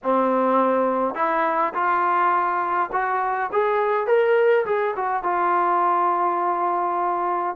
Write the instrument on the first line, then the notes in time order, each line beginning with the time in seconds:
trombone
0.03 C4
1.15 E4
1.73 F4
2.92 F#4
3.52 G#4
4.06 A#4
4.65 G#4
4.95 F#4
5.23 F4